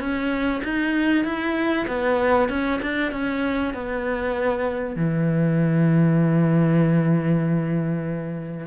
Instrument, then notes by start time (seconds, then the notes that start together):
cello
0.00 C#4
0.64 D#4
1.25 E4
1.88 B3
2.49 C#4
2.82 D4
3.12 C#4
3.74 B3
4.96 E3